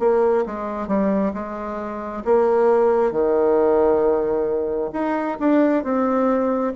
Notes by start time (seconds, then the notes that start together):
0.00 A#3
0.46 G#3
0.88 G3
1.34 G#3
2.25 A#3
3.12 D#3
4.93 D#4
5.40 D4
5.84 C4